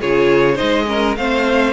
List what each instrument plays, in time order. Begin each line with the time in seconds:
0.00 cello C#3, viola F4, violin G#4 C#5
0.55 viola D#4, violin C5 D#5
0.61 cello G#3
0.86 viola C#4, violin A#4
1.16 cello A3, viola C4, violin C5 F5